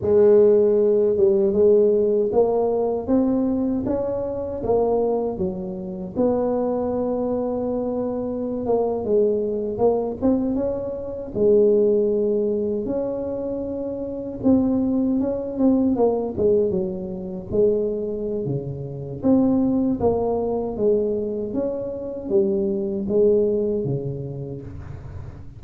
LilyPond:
\new Staff \with { instrumentName = "tuba" } { \time 4/4 \tempo 4 = 78 gis4. g8 gis4 ais4 | c'4 cis'4 ais4 fis4 | b2.~ b16 ais8 gis16~ | gis8. ais8 c'8 cis'4 gis4~ gis16~ |
gis8. cis'2 c'4 cis'16~ | cis'16 c'8 ais8 gis8 fis4 gis4~ gis16 | cis4 c'4 ais4 gis4 | cis'4 g4 gis4 cis4 | }